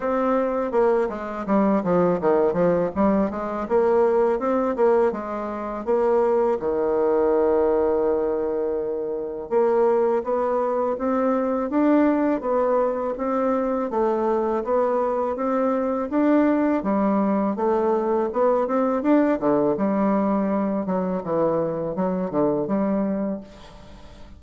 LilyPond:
\new Staff \with { instrumentName = "bassoon" } { \time 4/4 \tempo 4 = 82 c'4 ais8 gis8 g8 f8 dis8 f8 | g8 gis8 ais4 c'8 ais8 gis4 | ais4 dis2.~ | dis4 ais4 b4 c'4 |
d'4 b4 c'4 a4 | b4 c'4 d'4 g4 | a4 b8 c'8 d'8 d8 g4~ | g8 fis8 e4 fis8 d8 g4 | }